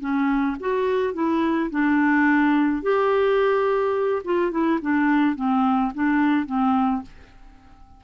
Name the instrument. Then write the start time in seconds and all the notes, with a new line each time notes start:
clarinet
0.00 C#4
0.60 F#4
1.13 E4
1.70 D4
2.82 G4
4.24 F4
4.51 E4
4.81 D4
5.36 C4
5.94 D4
6.46 C4